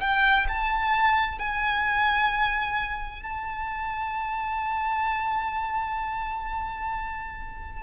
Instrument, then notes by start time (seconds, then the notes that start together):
violin
0.00 G5
0.48 A5
1.38 G#5
3.22 A5